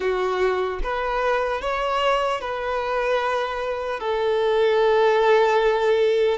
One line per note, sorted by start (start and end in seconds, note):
0.00 0.80 F#4
0.83 1.61 B4
1.61 2.40 C#5
2.40 4.00 B4
4.00 6.38 A4